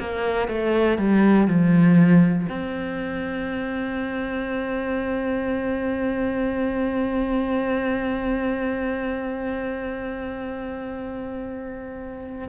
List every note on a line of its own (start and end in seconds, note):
0.00 0.48 A#3
0.48 0.98 A3
0.99 1.47 G3
1.47 2.47 F3
2.49 12.49 C4